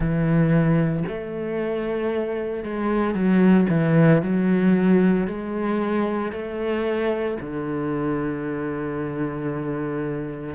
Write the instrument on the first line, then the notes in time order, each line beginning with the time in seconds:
cello
0.00 E3
1.08 A3
2.63 G#3
3.14 F#3
3.69 E3
4.22 F#3
5.27 G#3
6.32 A3
7.40 D3